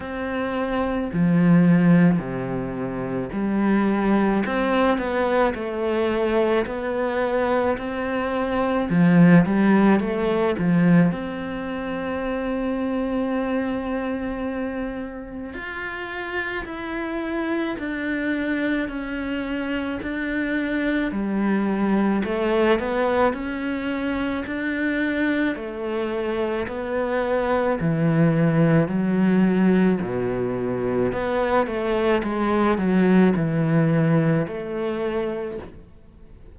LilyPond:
\new Staff \with { instrumentName = "cello" } { \time 4/4 \tempo 4 = 54 c'4 f4 c4 g4 | c'8 b8 a4 b4 c'4 | f8 g8 a8 f8 c'2~ | c'2 f'4 e'4 |
d'4 cis'4 d'4 g4 | a8 b8 cis'4 d'4 a4 | b4 e4 fis4 b,4 | b8 a8 gis8 fis8 e4 a4 | }